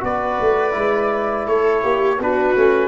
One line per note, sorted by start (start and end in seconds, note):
0.00 0.39 B3
0.00 0.72 F#4
0.00 1.47 B4
0.00 1.48 D5
0.41 0.75 A3
0.72 1.48 G#3
0.72 2.16 E4
1.47 1.84 A3
1.47 1.83 A4
1.47 2.20 C#5
1.83 2.19 A#3
1.83 2.19 G4
2.19 2.55 B3
2.19 2.56 D4
2.19 2.88 F#4
2.19 2.88 B4
2.56 2.88 A3
2.56 2.88 C#4